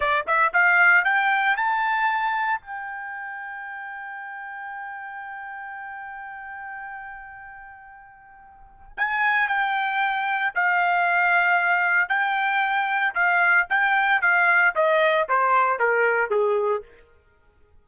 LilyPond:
\new Staff \with { instrumentName = "trumpet" } { \time 4/4 \tempo 4 = 114 d''8 e''8 f''4 g''4 a''4~ | a''4 g''2.~ | g''1~ | g''1~ |
g''4 gis''4 g''2 | f''2. g''4~ | g''4 f''4 g''4 f''4 | dis''4 c''4 ais'4 gis'4 | }